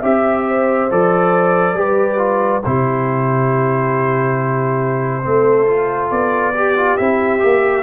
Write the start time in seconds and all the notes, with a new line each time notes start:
0.00 C4 G4 E5
0.48 C5
0.90 F3 A4 D5
1.74 G3 G4 B4
2.18 F4
2.64 C3 E4 G4 C5
5.23 A3 C4 A4
5.67 F4
6.10 B3 D5
6.54 G4
6.76 F4
6.97 C4 E4 E5
7.39 A#3 G4